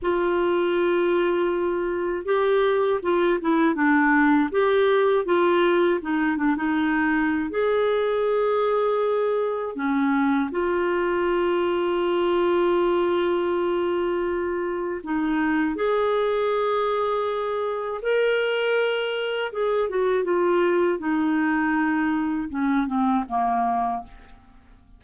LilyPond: \new Staff \with { instrumentName = "clarinet" } { \time 4/4 \tempo 4 = 80 f'2. g'4 | f'8 e'8 d'4 g'4 f'4 | dis'8 d'16 dis'4~ dis'16 gis'2~ | gis'4 cis'4 f'2~ |
f'1 | dis'4 gis'2. | ais'2 gis'8 fis'8 f'4 | dis'2 cis'8 c'8 ais4 | }